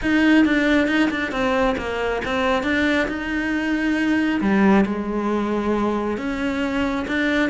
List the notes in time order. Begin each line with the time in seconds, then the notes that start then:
0.02 D#4
0.45 D4
0.87 D#4
1.10 D4
1.31 C4
1.77 A#3
2.24 C4
2.63 D4
3.08 D#4
4.40 G3
4.85 G#3
6.17 C#4
7.07 D4